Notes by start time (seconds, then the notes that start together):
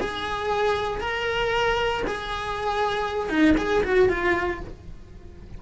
0.00 G#4
1.00 A#4
2.07 G#4
3.29 D#4
3.57 G#4
3.83 F#4
4.09 F4